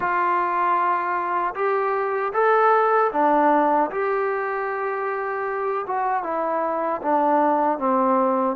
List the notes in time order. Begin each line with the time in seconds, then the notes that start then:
0.00 F4
1.54 G4
2.33 A4
3.12 D4
3.90 G4
5.87 F#4
6.23 E4
7.02 D4
7.78 C4